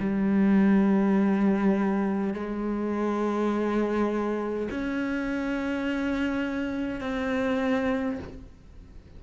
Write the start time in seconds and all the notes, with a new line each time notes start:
0.00 G3
2.34 G#3
4.71 C#4
7.01 C4